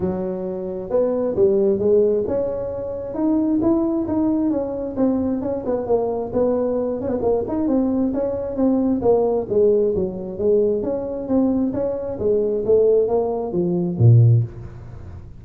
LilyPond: \new Staff \with { instrumentName = "tuba" } { \time 4/4 \tempo 4 = 133 fis2 b4 g4 | gis4 cis'2 dis'4 | e'4 dis'4 cis'4 c'4 | cis'8 b8 ais4 b4. cis'16 b16 |
ais8 dis'8 c'4 cis'4 c'4 | ais4 gis4 fis4 gis4 | cis'4 c'4 cis'4 gis4 | a4 ais4 f4 ais,4 | }